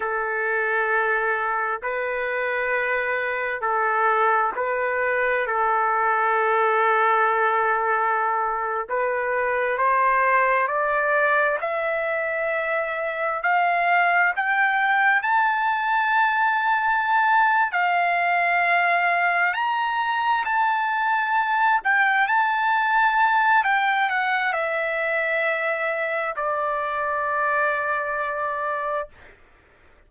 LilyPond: \new Staff \with { instrumentName = "trumpet" } { \time 4/4 \tempo 4 = 66 a'2 b'2 | a'4 b'4 a'2~ | a'4.~ a'16 b'4 c''4 d''16~ | d''8. e''2 f''4 g''16~ |
g''8. a''2~ a''8. f''8~ | f''4. ais''4 a''4. | g''8 a''4. g''8 fis''8 e''4~ | e''4 d''2. | }